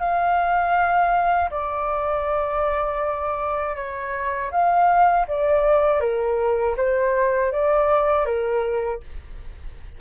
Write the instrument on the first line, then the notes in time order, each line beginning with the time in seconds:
flute
0.00 F5
1.51 D5
3.76 C#5
4.52 F5
5.28 D5
6.01 A#4
6.77 C5
7.52 D5
8.26 A#4